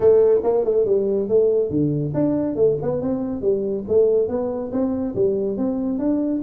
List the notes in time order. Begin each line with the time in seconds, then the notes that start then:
0.00 A3
0.43 A#3
0.64 A3
0.85 G3
1.28 A3
1.70 D3
2.14 D4
2.55 A3
2.82 B3
3.01 C4
3.41 G3
3.87 A3
4.28 B3
4.72 C4
5.15 G3
5.57 C4
5.98 D4